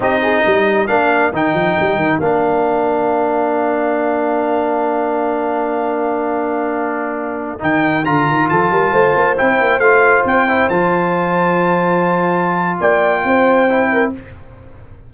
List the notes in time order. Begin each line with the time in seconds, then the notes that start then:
0.00 C4 D#4 G4 D#5
0.22 G#4
0.43 G3 A#4
0.87 A#3 D4 F5
1.32 D#3 D#4 G5
1.54 F3
1.79 G3
1.96 D#3
2.19 A#3 D4 F5
7.59 D#3 D#4 G5
8.04 D3 F4 A#5
8.28 D#3
8.49 F3 A4 A5
8.71 G3 A#4
8.92 A3 C5
9.15 A#3
9.37 C4 E4 G5
9.60 A#3
9.79 A3 F4 F5
10.24 C4 G5
10.48 E4
10.69 F3 F4 A5
12.80 A#3 D5 G5
13.24 C4 C5
13.69 E4
13.91 A#4